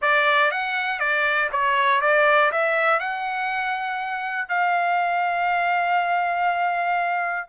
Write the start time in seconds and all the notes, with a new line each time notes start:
0.01 D5
0.51 F#5
0.99 D5
1.52 C#5
2.01 D5
2.51 E5
2.99 F#5
4.48 F5